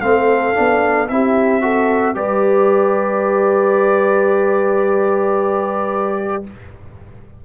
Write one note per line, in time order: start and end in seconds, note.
0.00 0.54 A3
0.00 0.54 C4
0.00 1.10 A4
0.00 1.07 F5
0.54 1.09 B3
0.54 1.07 D4
1.08 2.15 C4
1.08 1.61 E4
1.08 1.62 G4
1.08 2.15 E5
1.61 2.14 F#4
1.61 2.16 A4
2.15 6.44 G3
2.15 6.43 G4
2.15 6.44 B4
2.15 6.44 D5